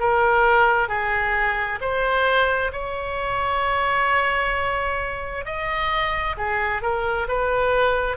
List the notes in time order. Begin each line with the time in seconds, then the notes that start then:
0.00 A#4
0.89 G#4
1.81 C5
2.73 C#5
5.45 D#5
6.38 G#4
6.82 A#4
7.29 B4